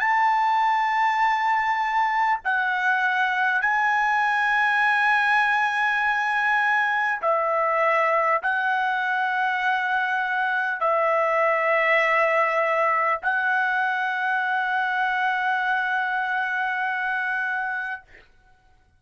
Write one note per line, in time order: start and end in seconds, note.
0.00 2.40 A5
2.44 3.62 F#5
3.62 7.22 G#5
7.22 8.42 E5
8.43 10.81 F#5
10.81 13.21 E5
13.22 18.02 F#5